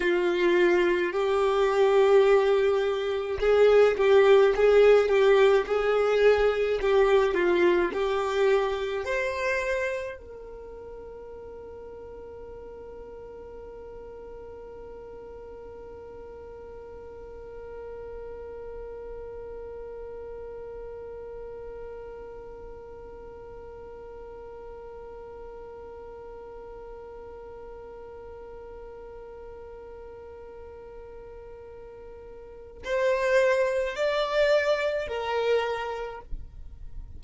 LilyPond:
\new Staff \with { instrumentName = "violin" } { \time 4/4 \tempo 4 = 53 f'4 g'2 gis'8 g'8 | gis'8 g'8 gis'4 g'8 f'8 g'4 | c''4 ais'2.~ | ais'1~ |
ais'1~ | ais'1~ | ais'1~ | ais'4 c''4 d''4 ais'4 | }